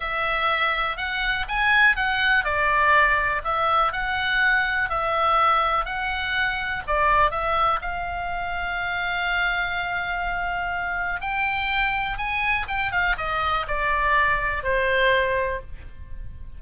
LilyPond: \new Staff \with { instrumentName = "oboe" } { \time 4/4 \tempo 4 = 123 e''2 fis''4 gis''4 | fis''4 d''2 e''4 | fis''2 e''2 | fis''2 d''4 e''4 |
f''1~ | f''2. g''4~ | g''4 gis''4 g''8 f''8 dis''4 | d''2 c''2 | }